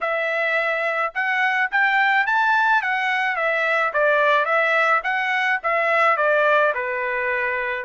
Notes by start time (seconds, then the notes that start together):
0.01 E5
1.14 F#5
1.71 G5
2.26 A5
2.82 F#5
3.36 E5
3.93 D5
4.45 E5
5.03 F#5
5.63 E5
6.17 D5
6.74 B4